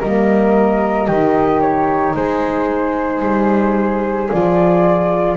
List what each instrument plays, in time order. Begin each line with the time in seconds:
0.00 double bass G3, saxophone A#3, flute A#4 D#5
1.07 double bass D#3, saxophone D#4, flute G4
1.61 flute C#5
2.15 double bass G#3, flute G#4 C5
3.22 double bass G3
4.29 double bass F3, saxophone F4, flute D5